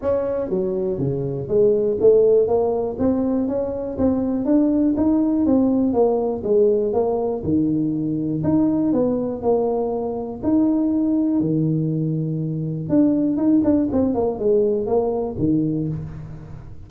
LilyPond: \new Staff \with { instrumentName = "tuba" } { \time 4/4 \tempo 4 = 121 cis'4 fis4 cis4 gis4 | a4 ais4 c'4 cis'4 | c'4 d'4 dis'4 c'4 | ais4 gis4 ais4 dis4~ |
dis4 dis'4 b4 ais4~ | ais4 dis'2 dis4~ | dis2 d'4 dis'8 d'8 | c'8 ais8 gis4 ais4 dis4 | }